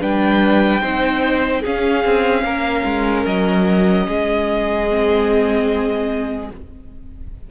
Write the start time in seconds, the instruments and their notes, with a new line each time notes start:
0.00 cello G3, viola D4, violin B4 G5
0.81 cello C4, viola D#4, violin C5
1.61 viola C#4, cello C#4, violin G#4 F5
2.05 cello C4
2.43 cello A#3, violin A#4
2.85 cello G#3
3.26 cello F#3, violin D#5
4.08 cello G#3, violin G#4
4.89 viola C4